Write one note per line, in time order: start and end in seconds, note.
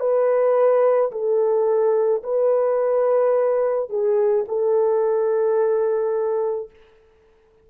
0.00 1.11 B4
1.11 2.22 A4
2.23 3.89 B4
3.89 4.45 G#4
4.47 6.70 A4